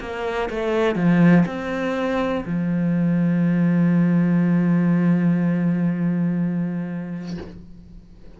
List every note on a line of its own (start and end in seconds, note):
0.00 0.49 A#3
0.50 0.95 A3
0.95 1.44 F3
1.46 2.44 C4
2.45 7.37 F3